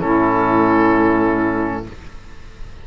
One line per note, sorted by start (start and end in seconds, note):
0.00 1.88 A2
0.00 1.85 C#4
0.00 1.87 E4
0.00 1.86 A4